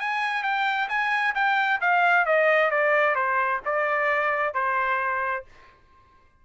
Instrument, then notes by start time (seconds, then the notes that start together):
trumpet
0.00 G#5
0.43 G5
0.89 G#5
1.35 G5
1.81 F5
2.25 D#5
2.71 D5
3.15 C5
3.65 D5
4.54 C5